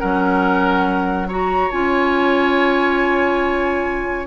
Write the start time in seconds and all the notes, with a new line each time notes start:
0.00 F#3 C#4 A#4 F#5
1.29 F#4 C#5 A#5
1.71 C#4 F4 G#5